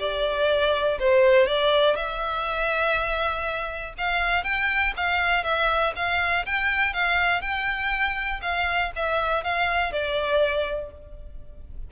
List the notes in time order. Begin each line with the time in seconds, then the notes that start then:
0.00 D5
1.00 C5
1.47 D5
1.96 E5
3.98 F5
4.44 G5
4.97 F5
5.44 E5
5.96 F5
6.46 G5
6.94 F5
7.42 G5
8.43 F5
8.96 E5
9.44 F5
9.93 D5